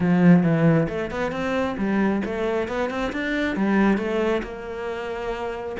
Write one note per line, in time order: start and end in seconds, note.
0.00 0.43 F3
0.43 0.87 E3
0.88 1.11 A3
1.11 1.31 B3
1.31 1.76 C4
1.77 2.22 G3
2.25 2.68 A3
2.68 2.89 B3
2.89 3.12 C4
3.12 3.56 D4
3.56 3.97 G3
3.97 4.42 A3
4.42 5.76 A#3